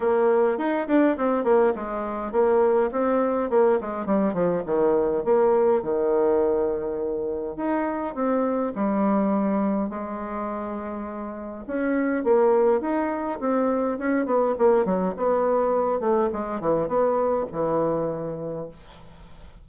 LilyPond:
\new Staff \with { instrumentName = "bassoon" } { \time 4/4 \tempo 4 = 103 ais4 dis'8 d'8 c'8 ais8 gis4 | ais4 c'4 ais8 gis8 g8 f8 | dis4 ais4 dis2~ | dis4 dis'4 c'4 g4~ |
g4 gis2. | cis'4 ais4 dis'4 c'4 | cis'8 b8 ais8 fis8 b4. a8 | gis8 e8 b4 e2 | }